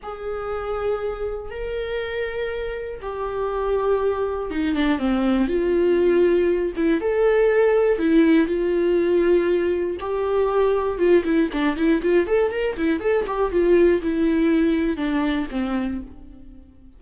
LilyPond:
\new Staff \with { instrumentName = "viola" } { \time 4/4 \tempo 4 = 120 gis'2. ais'4~ | ais'2 g'2~ | g'4 dis'8 d'8 c'4 f'4~ | f'4. e'8 a'2 |
e'4 f'2. | g'2 f'8 e'8 d'8 e'8 | f'8 a'8 ais'8 e'8 a'8 g'8 f'4 | e'2 d'4 c'4 | }